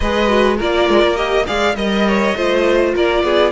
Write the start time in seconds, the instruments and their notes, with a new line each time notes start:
0.00 cello G#3, viola G#4, violin B4 D#5
0.27 viola F#4
0.56 cello A#3, viola F4, violin A#4 D5
0.89 cello G#3
1.02 cello A#3
1.16 viola G4, violin D#5
1.46 cello G#3, viola G#4, violin D5 F5
1.75 cello G3, viola A#4, violin D#5
2.07 violin C#5
2.35 cello A3, viola F4, violin C5
2.94 cello A#3, violin A#4 D5
3.23 cello B3, violin G#4